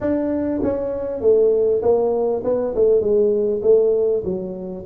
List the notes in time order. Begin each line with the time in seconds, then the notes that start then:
0.00 D4
0.62 C#4
1.20 A3
1.82 A#3
2.44 B3
2.75 A3
3.00 G#3
3.62 A3
4.24 F#3